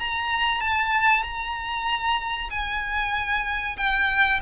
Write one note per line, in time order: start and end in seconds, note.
0.00 0.61 A#5
0.61 1.23 A5
1.23 2.50 A#5
2.51 3.77 G#5
3.77 4.40 G5